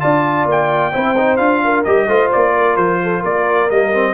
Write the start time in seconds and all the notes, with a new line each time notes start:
0.00 D4 F4 D5 A5
0.46 A#3 G5
0.93 C4 E4 C5
1.18 D#4
1.37 D4 F4 F5
1.64 A#4
1.84 G3 G4 D#5
2.08 A3 F4 C5
2.32 A#3 D5
2.56 A#4
2.77 F3 C5
3.03 A4
3.21 A#3 A#4 D5
3.70 G3 A#3 D#5
3.93 C4